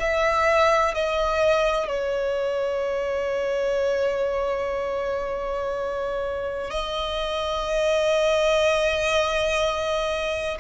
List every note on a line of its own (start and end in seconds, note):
0.00 0.95 E5
0.95 1.88 D#5
1.88 6.71 C#5
6.71 10.58 D#5